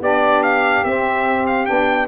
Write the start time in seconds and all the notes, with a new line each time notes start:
0.00 B3 D4 G4 D5
0.43 F5
0.84 C4 E5
1.47 F5
1.66 B3 D4 G5